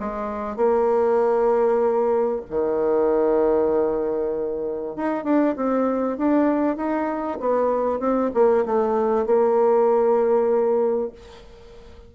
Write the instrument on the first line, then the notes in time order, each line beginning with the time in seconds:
bassoon
0.00 G#3
0.57 A#3
2.50 D#3
4.96 D#4
5.24 D4
5.56 C4
6.18 D4
6.77 D#4
7.40 B3
8.00 C4
8.34 A#3
8.66 A3
9.26 A#3